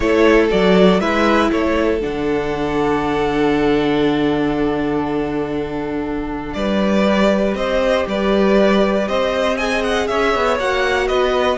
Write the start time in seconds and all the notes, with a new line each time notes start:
0.00 A3 E4 A4 C#5
0.50 F#3 F#4 D5
0.99 G#3 E4 B4 E5
1.51 A3 A4 C#5
2.00 D3 D4 F#5
6.53 G3 B4 D5
7.06 G4
7.54 C4 C5 D#5
8.07 G3 B4 D5
9.08 C4 C5 D#5
9.57 G#4 D#5 G#5
9.83 F#5
10.07 C#4 C#5 E5
10.35 B3
10.59 A#3 F#4 F#5
11.07 B3 B4 D#5